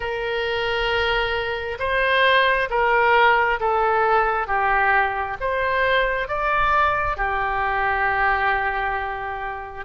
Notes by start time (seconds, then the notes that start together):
0.00 A#4
1.79 C5
2.69 A#4
3.59 A4
4.47 G4
5.40 C5
6.28 D5
7.16 G4